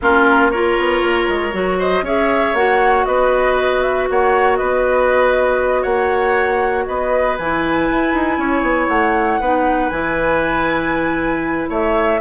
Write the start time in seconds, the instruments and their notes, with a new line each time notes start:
0.01 bassoon A#3, clarinet C#4, oboe F4, flute A#4
0.50 clarinet F4, oboe A#4, flute C#5
0.78 bassoon B3
1.01 bassoon A#3
1.28 bassoon G#3
1.52 bassoon F#3, clarinet F#4
1.78 oboe C5, flute D#5
2.02 bassoon C#4, clarinet G#4, oboe C#5, flute E5
2.53 bassoon A#3, clarinet F#4, flute F#5
3.05 bassoon B3, oboe B4, flute D#5
3.81 flute E5
4.09 bassoon A#3, oboe C#5, flute F#5
4.56 bassoon B3, oboe B4, flute D#5
5.82 bassoon A#3, oboe C#5, flute F#5
6.86 bassoon B3, oboe B4, flute D#5
7.37 bassoon E3, clarinet E4, flute G#5
7.90 bassoon E4
8.13 bassoon D#4
8.37 bassoon C#4, oboe C#5
8.61 bassoon B3
8.88 bassoon A3, flute F#5
9.39 bassoon B3, clarinet D#4, oboe B4
9.89 bassoon E3, clarinet E4, flute G#5
11.69 bassoon A3, oboe C#5, flute E5